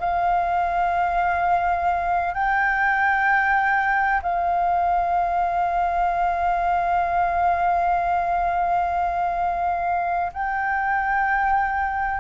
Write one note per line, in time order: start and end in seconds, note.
0.00 2.34 F5
2.34 4.21 G5
4.23 10.32 F5
10.33 12.20 G5